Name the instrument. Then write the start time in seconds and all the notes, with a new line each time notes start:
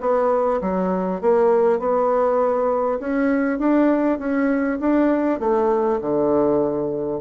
bassoon
0.00 B3
0.61 F#3
1.21 A#3
1.79 B3
2.99 C#4
3.58 D4
4.18 C#4
4.79 D4
5.39 A3
6.01 D3